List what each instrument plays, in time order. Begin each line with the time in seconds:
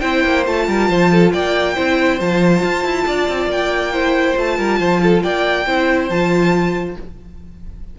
0.00 cello C4, viola E4, violin C5 G5
0.25 cello A#3
0.46 cello A3, viola F4, violin A5
0.68 cello G3, violin A#4
0.89 cello F3, violin C5
1.12 violin A4
1.33 cello A#3, violin D5 G5
1.75 cello C4, viola E4, violin C5
2.20 cello F3, viola F4, violin A5
2.63 cello F4
2.85 cello E4
3.07 cello D4, violin D5
3.29 cello C4
3.47 cello A#3, violin G5
3.93 viola E4, violin C5
4.35 cello A3, viola F4, violin A5
4.57 cello G3, violin A#4
4.80 cello F3, violin C5
5.03 violin A4
5.23 cello A#3, violin D5 G5
5.67 cello C4, viola E4, violin C5
6.09 cello F3, viola F4, violin A5